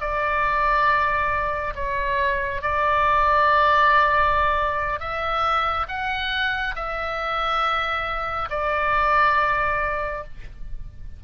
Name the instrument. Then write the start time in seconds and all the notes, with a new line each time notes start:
oboe
0.00 D5
1.75 C#5
2.62 D5
5.00 E5
5.88 F#5
6.75 E5
8.50 D5